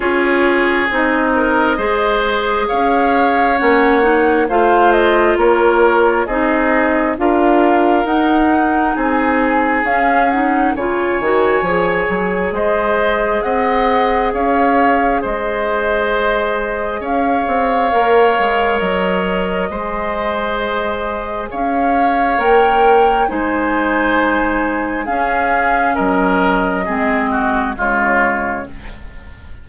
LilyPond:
<<
  \new Staff \with { instrumentName = "flute" } { \time 4/4 \tempo 4 = 67 cis''4 dis''2 f''4 | fis''4 f''8 dis''8 cis''4 dis''4 | f''4 fis''4 gis''4 f''8 fis''8 | gis''2 dis''4 fis''4 |
f''4 dis''2 f''4~ | f''4 dis''2. | f''4 g''4 gis''2 | f''4 dis''2 cis''4 | }
  \new Staff \with { instrumentName = "oboe" } { \time 4/4 gis'4. ais'8 c''4 cis''4~ | cis''4 c''4 ais'4 gis'4 | ais'2 gis'2 | cis''2 c''4 dis''4 |
cis''4 c''2 cis''4~ | cis''2 c''2 | cis''2 c''2 | gis'4 ais'4 gis'8 fis'8 f'4 | }
  \new Staff \with { instrumentName = "clarinet" } { \time 4/4 f'4 dis'4 gis'2 | cis'8 dis'8 f'2 dis'4 | f'4 dis'2 cis'8 dis'8 | f'8 fis'8 gis'2.~ |
gis'1 | ais'2 gis'2~ | gis'4 ais'4 dis'2 | cis'2 c'4 gis4 | }
  \new Staff \with { instrumentName = "bassoon" } { \time 4/4 cis'4 c'4 gis4 cis'4 | ais4 a4 ais4 c'4 | d'4 dis'4 c'4 cis'4 | cis8 dis8 f8 fis8 gis4 c'4 |
cis'4 gis2 cis'8 c'8 | ais8 gis8 fis4 gis2 | cis'4 ais4 gis2 | cis'4 fis4 gis4 cis4 | }
>>